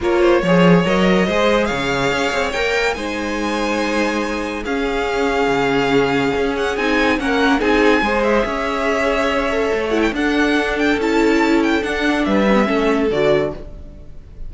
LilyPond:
<<
  \new Staff \with { instrumentName = "violin" } { \time 4/4 \tempo 4 = 142 cis''2 dis''2 | f''2 g''4 gis''4~ | gis''2. f''4~ | f''2.~ f''8 fis''8 |
gis''4 fis''4 gis''4. e''8~ | e''2.~ e''8 fis''16 g''16 | fis''4. g''8 a''4. g''8 | fis''4 e''2 d''4 | }
  \new Staff \with { instrumentName = "violin" } { \time 4/4 ais'8 c''8 cis''2 c''4 | cis''2. c''4~ | c''2. gis'4~ | gis'1~ |
gis'4 ais'4 gis'4 c''4 | cis''1 | a'1~ | a'4 b'4 a'2 | }
  \new Staff \with { instrumentName = "viola" } { \time 4/4 f'4 gis'4 ais'4 gis'4~ | gis'2 ais'4 dis'4~ | dis'2. cis'4~ | cis'1 |
dis'4 cis'4 dis'4 gis'4~ | gis'2~ gis'8 a'4 e'8 | d'2 e'2 | d'4. cis'16 b16 cis'4 fis'4 | }
  \new Staff \with { instrumentName = "cello" } { \time 4/4 ais4 f4 fis4 gis4 | cis4 cis'8 c'8 ais4 gis4~ | gis2. cis'4~ | cis'4 cis2 cis'4 |
c'4 ais4 c'4 gis4 | cis'2. a4 | d'2 cis'2 | d'4 g4 a4 d4 | }
>>